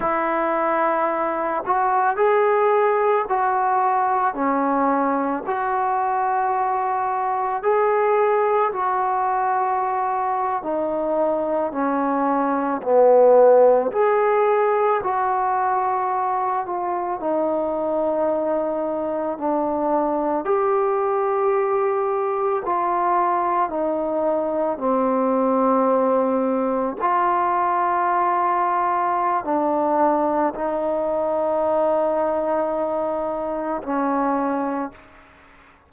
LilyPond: \new Staff \with { instrumentName = "trombone" } { \time 4/4 \tempo 4 = 55 e'4. fis'8 gis'4 fis'4 | cis'4 fis'2 gis'4 | fis'4.~ fis'16 dis'4 cis'4 b16~ | b8. gis'4 fis'4. f'8 dis'16~ |
dis'4.~ dis'16 d'4 g'4~ g'16~ | g'8. f'4 dis'4 c'4~ c'16~ | c'8. f'2~ f'16 d'4 | dis'2. cis'4 | }